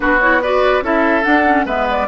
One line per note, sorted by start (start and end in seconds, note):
0.00 0.81 B3
0.00 0.19 D4
0.00 0.42 F#4
0.00 0.20 B4
0.20 0.42 E4
0.20 0.41 C#5
0.42 0.82 F#4
0.42 0.83 B4
0.42 0.84 D5
0.81 1.23 C#4
0.81 1.22 E4
0.81 1.65 A4
0.81 1.23 E5
1.22 1.43 D4
1.22 1.65 D4
1.22 1.65 F#5
1.46 1.66 C#4
1.65 2.07 G#3
1.65 2.07 B3
1.65 2.07 B4
1.65 1.88 E5
1.90 2.07 D5